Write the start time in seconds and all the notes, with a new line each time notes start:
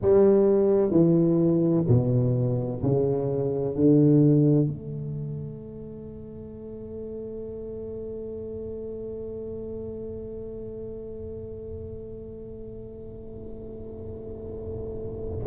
0.01 G3
0.90 E3
1.87 B2
2.82 C#3
3.75 D3
4.67 A3